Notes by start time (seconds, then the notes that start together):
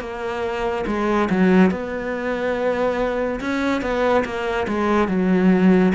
0.00 A#3
0.86 G#3
1.30 F#3
1.71 B3
3.40 C#4
3.81 B3
4.24 A#3
4.67 G#3
5.08 F#3